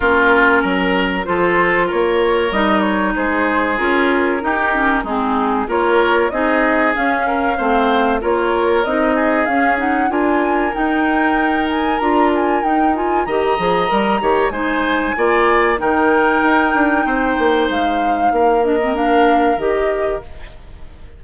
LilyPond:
<<
  \new Staff \with { instrumentName = "flute" } { \time 4/4 \tempo 4 = 95 ais'2 c''4 cis''4 | dis''8 cis''8 c''4 ais'2 | gis'4 cis''4 dis''4 f''4~ | f''4 cis''4 dis''4 f''8 fis''8 |
gis''4 g''4. gis''8 ais''8 gis''8 | g''8 gis''8 ais''2 gis''4~ | gis''4 g''2. | f''4. dis''8 f''4 dis''4 | }
  \new Staff \with { instrumentName = "oboe" } { \time 4/4 f'4 ais'4 a'4 ais'4~ | ais'4 gis'2 g'4 | dis'4 ais'4 gis'4. ais'8 | c''4 ais'4. gis'4. |
ais'1~ | ais'4 dis''4. cis''8 c''4 | d''4 ais'2 c''4~ | c''4 ais'2. | }
  \new Staff \with { instrumentName = "clarinet" } { \time 4/4 cis'2 f'2 | dis'2 f'4 dis'8 cis'8 | c'4 f'4 dis'4 cis'4 | c'4 f'4 dis'4 cis'8 dis'8 |
f'4 dis'2 f'4 | dis'8 f'8 g'8 gis'8 ais'8 g'8 dis'4 | f'4 dis'2.~ | dis'4. d'16 c'16 d'4 g'4 | }
  \new Staff \with { instrumentName = "bassoon" } { \time 4/4 ais4 fis4 f4 ais4 | g4 gis4 cis'4 dis'4 | gis4 ais4 c'4 cis'4 | a4 ais4 c'4 cis'4 |
d'4 dis'2 d'4 | dis'4 dis8 f8 g8 dis8 gis4 | ais4 dis4 dis'8 d'8 c'8 ais8 | gis4 ais2 dis4 | }
>>